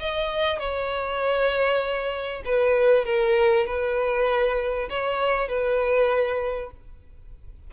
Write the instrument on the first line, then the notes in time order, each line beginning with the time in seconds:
violin
0.00 D#5
0.60 C#5
2.46 B4
3.06 A#4
3.67 B4
4.90 C#5
5.49 B4